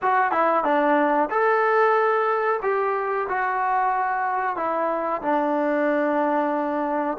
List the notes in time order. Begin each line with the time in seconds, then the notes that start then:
0.02 F#4
0.31 E4
0.63 D4
1.30 A4
2.62 G4
3.28 F#4
4.56 E4
5.21 D4